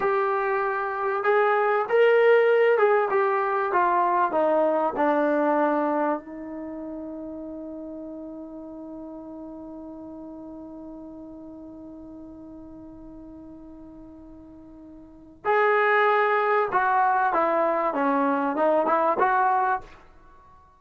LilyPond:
\new Staff \with { instrumentName = "trombone" } { \time 4/4 \tempo 4 = 97 g'2 gis'4 ais'4~ | ais'8 gis'8 g'4 f'4 dis'4 | d'2 dis'2~ | dis'1~ |
dis'1~ | dis'1~ | dis'4 gis'2 fis'4 | e'4 cis'4 dis'8 e'8 fis'4 | }